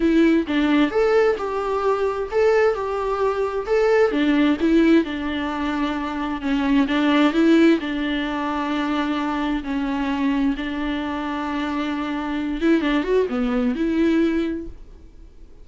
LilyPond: \new Staff \with { instrumentName = "viola" } { \time 4/4 \tempo 4 = 131 e'4 d'4 a'4 g'4~ | g'4 a'4 g'2 | a'4 d'4 e'4 d'4~ | d'2 cis'4 d'4 |
e'4 d'2.~ | d'4 cis'2 d'4~ | d'2.~ d'8 e'8 | d'8 fis'8 b4 e'2 | }